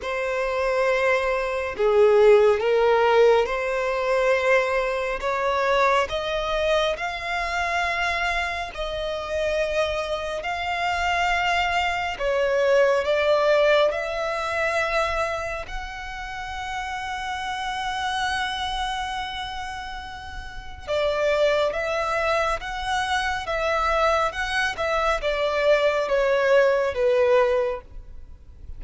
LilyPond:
\new Staff \with { instrumentName = "violin" } { \time 4/4 \tempo 4 = 69 c''2 gis'4 ais'4 | c''2 cis''4 dis''4 | f''2 dis''2 | f''2 cis''4 d''4 |
e''2 fis''2~ | fis''1 | d''4 e''4 fis''4 e''4 | fis''8 e''8 d''4 cis''4 b'4 | }